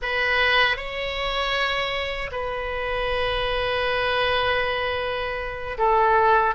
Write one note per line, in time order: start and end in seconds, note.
0.01 0.76 B4
0.76 2.30 C#5
2.31 5.77 B4
5.78 6.54 A4